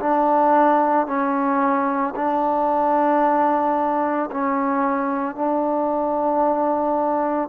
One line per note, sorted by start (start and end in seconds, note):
0.00 1.07 D4
1.07 2.14 C#4
2.16 4.30 D4
4.31 5.35 C#4
5.35 7.50 D4